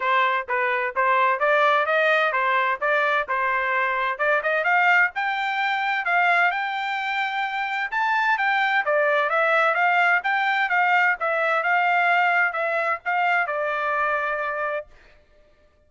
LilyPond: \new Staff \with { instrumentName = "trumpet" } { \time 4/4 \tempo 4 = 129 c''4 b'4 c''4 d''4 | dis''4 c''4 d''4 c''4~ | c''4 d''8 dis''8 f''4 g''4~ | g''4 f''4 g''2~ |
g''4 a''4 g''4 d''4 | e''4 f''4 g''4 f''4 | e''4 f''2 e''4 | f''4 d''2. | }